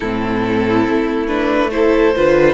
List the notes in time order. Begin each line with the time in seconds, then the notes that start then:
0.00 A2 C4 E4 A4
0.88 A3
1.27 D4 B4
1.71 E4 A4 C5
2.15 D3 F4 B4